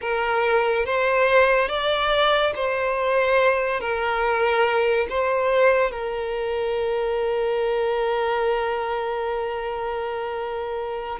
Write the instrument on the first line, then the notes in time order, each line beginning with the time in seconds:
violin
0.01 A#4
0.85 C5
1.68 D5
2.55 C5
3.80 A#4
5.09 C5
5.91 A#4